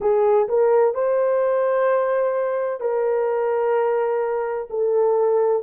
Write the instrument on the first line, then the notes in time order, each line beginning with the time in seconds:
horn
0.00 G#4
0.48 A#4
0.94 C5
2.80 A#4
4.70 A4